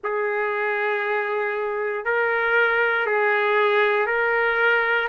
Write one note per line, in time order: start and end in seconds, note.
0.03 2.04 G#4
2.04 3.06 A#4
3.06 4.06 G#4
4.06 5.08 A#4